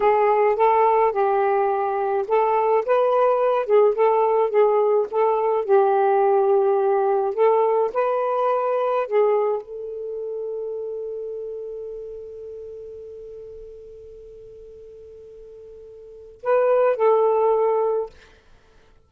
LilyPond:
\new Staff \with { instrumentName = "saxophone" } { \time 4/4 \tempo 4 = 106 gis'4 a'4 g'2 | a'4 b'4. gis'8 a'4 | gis'4 a'4 g'2~ | g'4 a'4 b'2 |
gis'4 a'2.~ | a'1~ | a'1~ | a'4 b'4 a'2 | }